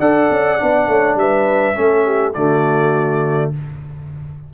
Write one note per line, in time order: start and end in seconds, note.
0.00 0.29 D4
0.00 0.59 A4
0.00 0.88 D5
0.00 1.18 F#5
0.31 0.60 C#4
0.59 0.88 B3
0.59 1.75 D4
0.88 1.16 A3
0.88 1.19 C#5
1.16 1.74 G3
1.16 1.78 B4
1.16 2.34 E5
1.75 2.36 A3
1.75 2.34 C#4
1.81 2.06 A4
2.06 2.35 G4
2.34 3.54 D3
2.34 3.54 A3
2.34 3.53 F#4
2.34 3.52 D5